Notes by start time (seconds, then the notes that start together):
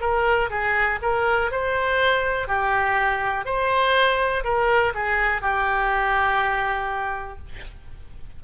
0.00 A#4
0.50 G#4
1.01 A#4
1.51 C5
2.47 G4
3.45 C5
4.44 A#4
4.94 G#4
5.41 G4